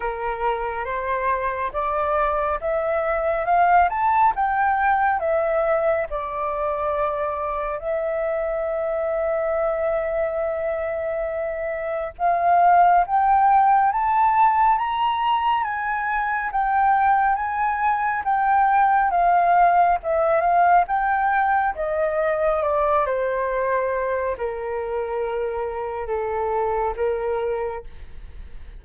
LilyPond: \new Staff \with { instrumentName = "flute" } { \time 4/4 \tempo 4 = 69 ais'4 c''4 d''4 e''4 | f''8 a''8 g''4 e''4 d''4~ | d''4 e''2.~ | e''2 f''4 g''4 |
a''4 ais''4 gis''4 g''4 | gis''4 g''4 f''4 e''8 f''8 | g''4 dis''4 d''8 c''4. | ais'2 a'4 ais'4 | }